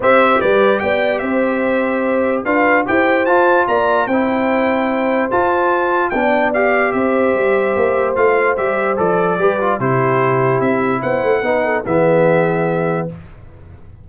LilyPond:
<<
  \new Staff \with { instrumentName = "trumpet" } { \time 4/4 \tempo 4 = 147 e''4 d''4 g''4 e''4~ | e''2 f''4 g''4 | a''4 ais''4 g''2~ | g''4 a''2 g''4 |
f''4 e''2. | f''4 e''4 d''2 | c''2 e''4 fis''4~ | fis''4 e''2. | }
  \new Staff \with { instrumentName = "horn" } { \time 4/4 c''4 b'4 d''4 c''4~ | c''2 b'4 c''4~ | c''4 d''4 c''2~ | c''2. d''4~ |
d''4 c''2.~ | c''2. b'4 | g'2. c''4 | b'8 a'8 gis'2. | }
  \new Staff \with { instrumentName = "trombone" } { \time 4/4 g'1~ | g'2 f'4 g'4 | f'2 e'2~ | e'4 f'2 d'4 |
g'1 | f'4 g'4 a'4 g'8 f'8 | e'1 | dis'4 b2. | }
  \new Staff \with { instrumentName = "tuba" } { \time 4/4 c'4 g4 b4 c'4~ | c'2 d'4 e'4 | f'4 ais4 c'2~ | c'4 f'2 b4~ |
b4 c'4 g4 ais4 | a4 g4 f4 g4 | c2 c'4 b8 a8 | b4 e2. | }
>>